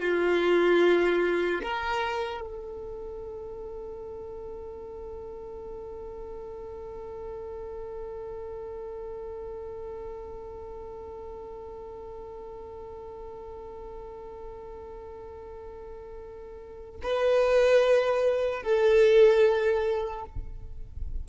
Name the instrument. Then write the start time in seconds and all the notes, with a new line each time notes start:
violin
0.00 F4
1.63 A#4
2.41 A4
17.03 B4
18.63 A4